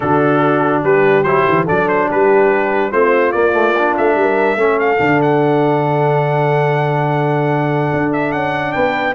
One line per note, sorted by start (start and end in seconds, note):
0.00 0.83 D3
0.00 1.25 D4
0.00 0.84 F#4
0.00 0.83 A4
0.83 1.24 G3
0.83 1.65 G4
0.83 1.23 B4
1.23 1.45 F#3
1.23 1.67 E4
1.23 1.65 C5
1.48 1.69 E3
1.65 2.10 F#3
1.65 2.92 D4
1.65 2.07 A4
1.65 1.88 D5
1.88 2.09 C5
2.08 2.92 G3
2.08 2.91 G4
2.08 2.91 B4
2.91 3.33 A3
2.91 3.33 C4
2.91 4.16 F4
2.91 3.31 C5
3.31 3.53 A#3
3.31 3.97 A#3
3.31 3.94 D5
3.53 3.73 A3
3.78 4.57 D4
3.97 4.15 A3
3.97 4.79 E5
4.15 4.55 G3
4.15 4.59 A#4
4.55 4.97 A3
4.55 4.97 C#4
4.55 8.73 A4
4.79 5.21 F5
4.97 7.91 D3
4.97 9.14 D4
5.22 8.12 F#5
7.93 8.33 D4
8.12 8.32 E5
8.32 8.74 C#4
8.32 8.72 F#5
8.72 9.14 B3
8.72 9.14 B4
8.72 9.14 G5